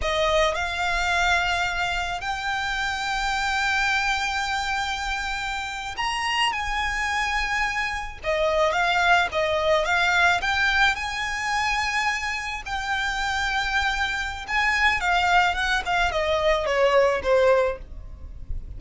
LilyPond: \new Staff \with { instrumentName = "violin" } { \time 4/4 \tempo 4 = 108 dis''4 f''2. | g''1~ | g''2~ g''8. ais''4 gis''16~ | gis''2~ gis''8. dis''4 f''16~ |
f''8. dis''4 f''4 g''4 gis''16~ | gis''2~ gis''8. g''4~ g''16~ | g''2 gis''4 f''4 | fis''8 f''8 dis''4 cis''4 c''4 | }